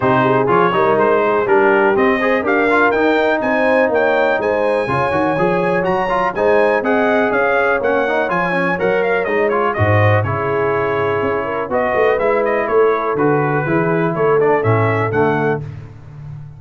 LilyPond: <<
  \new Staff \with { instrumentName = "trumpet" } { \time 4/4 \tempo 4 = 123 c''4 cis''4 c''4 ais'4 | dis''4 f''4 g''4 gis''4 | g''4 gis''2. | ais''4 gis''4 fis''4 f''4 |
fis''4 gis''4 fis''8 f''8 dis''8 cis''8 | dis''4 cis''2. | dis''4 e''8 dis''8 cis''4 b'4~ | b'4 cis''8 d''8 e''4 fis''4 | }
  \new Staff \with { instrumentName = "horn" } { \time 4/4 g'8 gis'4 ais'4 gis'8 g'4~ | g'8 c''8 ais'2 c''4 | cis''4 c''4 cis''2~ | cis''4 c''4 dis''4 cis''4~ |
cis''1 | c''4 gis'2~ gis'8 ais'8 | b'2 a'2 | gis'4 a'2. | }
  \new Staff \with { instrumentName = "trombone" } { \time 4/4 dis'4 f'8 dis'4. d'4 | c'8 gis'8 g'8 f'8 dis'2~ | dis'2 f'8 fis'8 gis'4 | fis'8 f'8 dis'4 gis'2 |
cis'8 dis'8 f'8 cis'8 ais'4 dis'8 f'8 | fis'4 e'2. | fis'4 e'2 fis'4 | e'4. d'8 cis'4 a4 | }
  \new Staff \with { instrumentName = "tuba" } { \time 4/4 c4 f8 g8 gis4 g4 | c'4 d'4 dis'4 c'4 | ais4 gis4 cis8 dis8 f4 | fis4 gis4 c'4 cis'4 |
ais4 f4 fis4 gis4 | gis,4 cis2 cis'4 | b8 a8 gis4 a4 d4 | e4 a4 a,4 d4 | }
>>